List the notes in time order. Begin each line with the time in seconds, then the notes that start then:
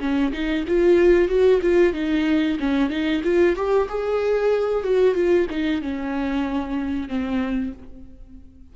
0.00 C#4
0.33 D#4
0.68 F4
1.28 F#4
1.62 F4
1.94 D#4
2.60 C#4
2.90 D#4
3.24 F4
3.56 G4
3.89 G#4
4.84 F#4
5.15 F4
5.50 D#4
5.82 C#4
7.09 C4